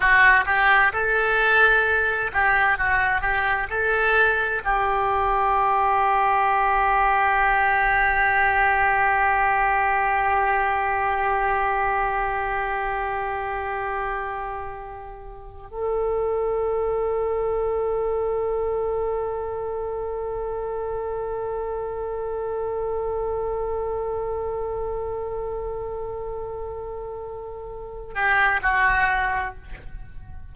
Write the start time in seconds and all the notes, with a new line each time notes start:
0.00 F#4
0.46 G4
0.92 A4
2.32 G4
2.77 F#4
3.21 G4
3.69 A4
4.64 G4
15.70 A4
28.14 G4
28.62 F#4